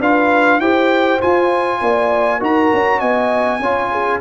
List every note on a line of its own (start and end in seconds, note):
0.00 0.60 D4
0.00 0.62 F4
0.00 0.60 B4
0.00 0.60 F5
0.60 1.20 E4
0.60 1.20 G4
0.60 1.82 C5
0.60 1.20 G5
1.20 2.40 F4
1.20 1.82 F4
1.20 2.42 G#5
1.82 2.41 A#3
1.82 2.39 D5
2.39 2.71 D#4
2.39 3.60 F#4
2.39 2.99 A#4
2.39 3.00 A#5
2.73 3.02 C#4
2.99 3.60 B3
2.99 3.59 D#5
2.99 4.20 G#5
3.60 4.20 C#4
3.60 4.21 F4
3.60 3.92 C#5
3.92 4.21 G#4